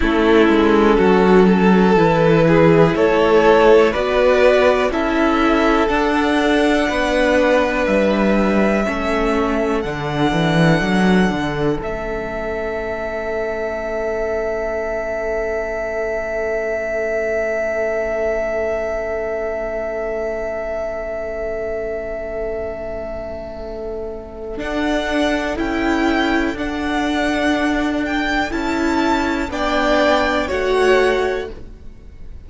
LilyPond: <<
  \new Staff \with { instrumentName = "violin" } { \time 4/4 \tempo 4 = 61 a'2 b'4 cis''4 | d''4 e''4 fis''2 | e''2 fis''2 | e''1~ |
e''1~ | e''1~ | e''4 fis''4 g''4 fis''4~ | fis''8 g''8 a''4 g''4 fis''4 | }
  \new Staff \with { instrumentName = "violin" } { \time 4/4 e'4 fis'8 a'4 gis'8 a'4 | b'4 a'2 b'4~ | b'4 a'2.~ | a'1~ |
a'1~ | a'1~ | a'1~ | a'2 d''4 cis''4 | }
  \new Staff \with { instrumentName = "viola" } { \time 4/4 cis'2 e'2 | fis'4 e'4 d'2~ | d'4 cis'4 d'2 | cis'1~ |
cis'1~ | cis'1~ | cis'4 d'4 e'4 d'4~ | d'4 e'4 d'4 fis'4 | }
  \new Staff \with { instrumentName = "cello" } { \time 4/4 a8 gis8 fis4 e4 a4 | b4 cis'4 d'4 b4 | g4 a4 d8 e8 fis8 d8 | a1~ |
a1~ | a1~ | a4 d'4 cis'4 d'4~ | d'4 cis'4 b4 a4 | }
>>